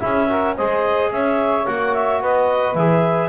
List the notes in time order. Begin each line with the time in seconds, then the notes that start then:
0.00 C#4 E4 G#4 E5
0.28 F#4 A#4
0.56 G#3 G#4 C5 D#5
1.11 C#4 C#5 E5
1.67 A#3 F#4 F#5
1.94 E5
2.20 B3 B4 D#5
2.75 E3 G#4 E5